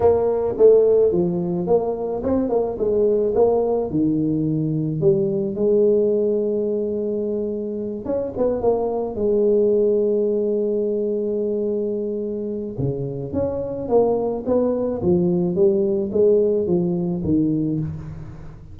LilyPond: \new Staff \with { instrumentName = "tuba" } { \time 4/4 \tempo 4 = 108 ais4 a4 f4 ais4 | c'8 ais8 gis4 ais4 dis4~ | dis4 g4 gis2~ | gis2~ gis8 cis'8 b8 ais8~ |
ais8 gis2.~ gis8~ | gis2. cis4 | cis'4 ais4 b4 f4 | g4 gis4 f4 dis4 | }